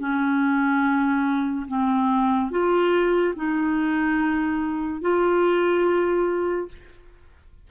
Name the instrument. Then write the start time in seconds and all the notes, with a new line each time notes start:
clarinet
0.00 C#4
1.68 C4
2.51 F4
3.36 D#4
5.02 F4